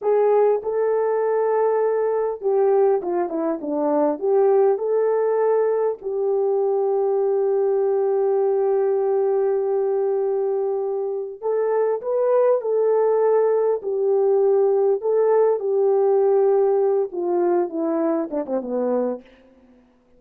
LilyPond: \new Staff \with { instrumentName = "horn" } { \time 4/4 \tempo 4 = 100 gis'4 a'2. | g'4 f'8 e'8 d'4 g'4 | a'2 g'2~ | g'1~ |
g'2. a'4 | b'4 a'2 g'4~ | g'4 a'4 g'2~ | g'8 f'4 e'4 d'16 c'16 b4 | }